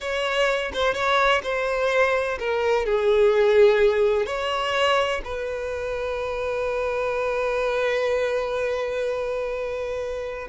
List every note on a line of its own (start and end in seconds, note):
0.00 0.72 C#5
0.73 0.94 C5
0.94 1.41 C#5
1.43 2.38 C5
2.39 2.85 A#4
2.85 4.26 G#4
4.26 5.21 C#5
5.24 10.48 B4